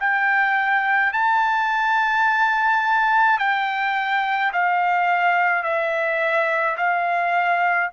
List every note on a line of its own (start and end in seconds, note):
0.00 1.13 G5
1.13 3.39 A5
3.39 4.52 G5
4.53 5.63 F5
5.63 6.77 E5
6.78 7.91 F5